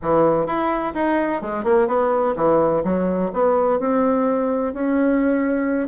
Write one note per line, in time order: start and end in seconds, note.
0.02 0.46 E3
0.46 0.93 E4
0.94 1.41 D#4
1.41 1.64 G#3
1.64 1.87 A#3
1.87 2.35 B3
2.36 2.83 E3
2.84 3.31 F#3
3.33 3.79 B3
3.79 4.73 C4
4.73 5.88 C#4